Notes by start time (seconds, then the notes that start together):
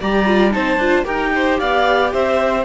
0.00 G3 G4 D5 A#5
0.25 F4
0.51 C4 D#4 C5 A5
0.77 D4 F4
1.04 D#4 G4 A#4 G5
1.35 C5
1.58 B3 D5 F5
2.12 C4 C5 E5